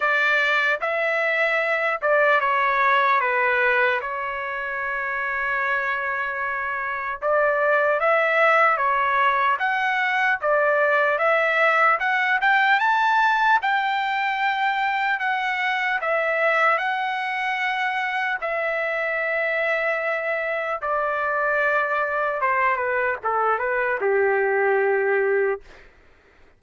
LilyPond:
\new Staff \with { instrumentName = "trumpet" } { \time 4/4 \tempo 4 = 75 d''4 e''4. d''8 cis''4 | b'4 cis''2.~ | cis''4 d''4 e''4 cis''4 | fis''4 d''4 e''4 fis''8 g''8 |
a''4 g''2 fis''4 | e''4 fis''2 e''4~ | e''2 d''2 | c''8 b'8 a'8 b'8 g'2 | }